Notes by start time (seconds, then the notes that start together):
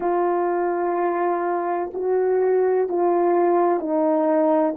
0.00 F4
1.93 F#4
2.88 F4
3.79 D#4